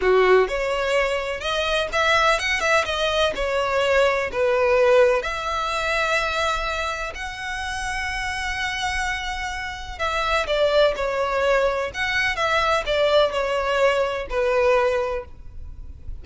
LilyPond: \new Staff \with { instrumentName = "violin" } { \time 4/4 \tempo 4 = 126 fis'4 cis''2 dis''4 | e''4 fis''8 e''8 dis''4 cis''4~ | cis''4 b'2 e''4~ | e''2. fis''4~ |
fis''1~ | fis''4 e''4 d''4 cis''4~ | cis''4 fis''4 e''4 d''4 | cis''2 b'2 | }